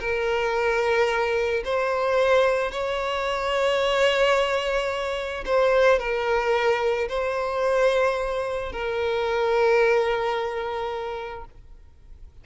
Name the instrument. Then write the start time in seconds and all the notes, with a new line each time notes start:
violin
0.00 A#4
1.65 C5
2.71 C#5
5.46 C5
5.99 A#4
7.09 C5
8.72 A#4